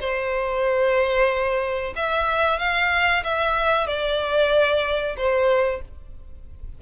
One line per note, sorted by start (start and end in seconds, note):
0.00 1.94 C5
1.96 2.59 E5
2.59 3.23 F5
3.24 3.87 E5
3.87 5.16 D5
5.17 5.81 C5